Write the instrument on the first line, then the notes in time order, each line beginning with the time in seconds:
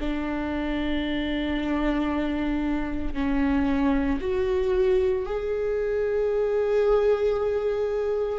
viola
0.00 D4
3.14 C#4
4.21 F#4
5.26 G#4